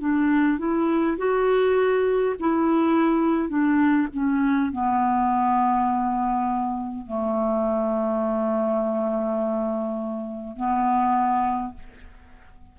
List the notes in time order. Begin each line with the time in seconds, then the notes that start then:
0.00 D4
0.58 E4
1.18 F#4
2.40 E4
3.49 D4
4.13 C#4
4.72 B3
7.06 A3
10.56 B3